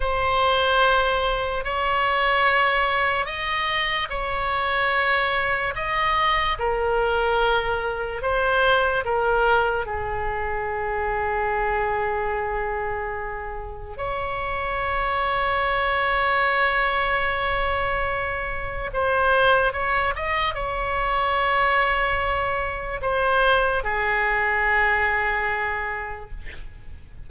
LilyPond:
\new Staff \with { instrumentName = "oboe" } { \time 4/4 \tempo 4 = 73 c''2 cis''2 | dis''4 cis''2 dis''4 | ais'2 c''4 ais'4 | gis'1~ |
gis'4 cis''2.~ | cis''2. c''4 | cis''8 dis''8 cis''2. | c''4 gis'2. | }